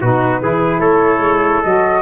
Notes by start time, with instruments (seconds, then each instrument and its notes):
0.00 tuba B2, saxophone D#4, trumpet F#4, flute B4
0.40 tuba E3, saxophone E4, trumpet G#4
0.79 tuba A3, trumpet A4, flute C#5
1.18 tuba G#3
1.62 tuba F#3, saxophone F#4, flute D#5